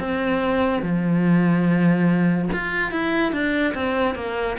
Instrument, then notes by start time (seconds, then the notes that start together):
cello
0.00 C4
0.83 F3
2.53 F4
2.92 E4
3.33 D4
3.75 C4
4.16 A#3